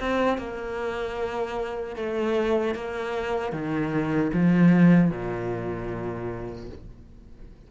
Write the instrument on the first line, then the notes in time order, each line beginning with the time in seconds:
cello
0.00 C4
0.38 A#3
1.96 A3
2.75 A#3
3.52 D#3
4.33 F3
5.11 A#2